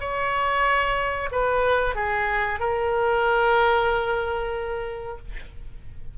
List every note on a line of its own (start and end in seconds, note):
0.00 1.29 C#5
1.31 1.95 B4
1.95 2.60 G#4
2.60 5.18 A#4